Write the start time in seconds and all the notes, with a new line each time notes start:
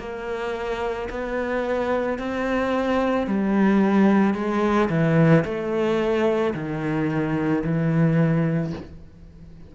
0.00 A#3
1.10 B3
2.19 C4
3.27 G3
4.35 G#3
4.90 E3
5.45 A3
6.55 D#3
7.64 E3